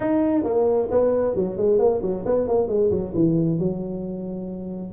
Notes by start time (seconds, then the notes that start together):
0.00 D#4
0.43 A#3
0.90 B3
1.35 F#3
1.57 G#3
1.78 A#3
2.02 F#3
2.25 B3
2.47 A#3
2.68 G#3
2.90 F#3
3.14 E3
3.58 F#3